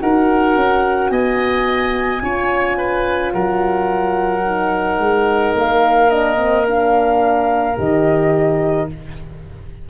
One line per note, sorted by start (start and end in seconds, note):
0.00 0.55 D#4
0.00 2.21 F#4
0.00 1.12 A#4
0.00 1.09 F#5
0.55 1.10 C#4
1.09 2.22 B3
1.09 2.23 D#5
1.09 3.32 G#5
2.21 3.34 C#4
2.21 4.43 F4
2.21 2.78 C#5
2.78 3.33 B4
3.32 4.99 F#3
3.32 8.90 A#4
3.32 5.54 F#5
4.46 6.10 D#4
4.99 5.54 G#3
5.56 7.78 A#3
5.56 6.10 F5
6.10 6.36 D4
6.10 6.66 D#5
6.36 6.64 C4
6.67 7.77 D4
6.67 7.78 F5
7.77 8.89 D#3
7.77 8.88 G4
7.77 8.90 D#5